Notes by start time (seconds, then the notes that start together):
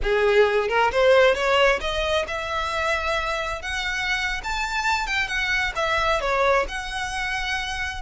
0.02 G#4
0.68 A#4
0.91 C5
1.34 C#5
1.80 D#5
2.27 E5
3.62 F#5
4.43 A5
5.06 G5
5.27 F#5
5.75 E5
6.21 C#5
6.68 F#5